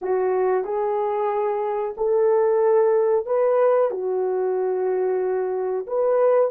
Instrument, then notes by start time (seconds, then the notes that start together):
horn
0.01 F#4
0.64 G#4
1.97 A4
3.26 B4
3.90 F#4
5.87 B4